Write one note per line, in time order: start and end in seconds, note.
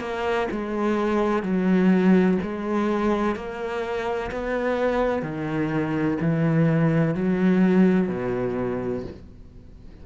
0.00 0.48 A#3
0.52 1.43 G#3
1.43 2.38 F#3
2.42 3.35 G#3
3.35 4.31 A#3
4.31 5.23 B3
5.23 6.18 D#3
6.21 7.15 E3
7.15 8.08 F#3
8.08 9.04 B2